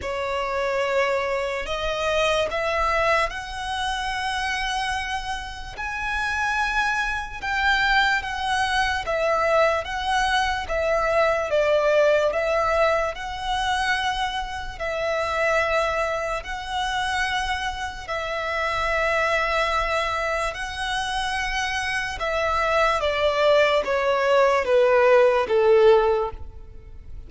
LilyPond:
\new Staff \with { instrumentName = "violin" } { \time 4/4 \tempo 4 = 73 cis''2 dis''4 e''4 | fis''2. gis''4~ | gis''4 g''4 fis''4 e''4 | fis''4 e''4 d''4 e''4 |
fis''2 e''2 | fis''2 e''2~ | e''4 fis''2 e''4 | d''4 cis''4 b'4 a'4 | }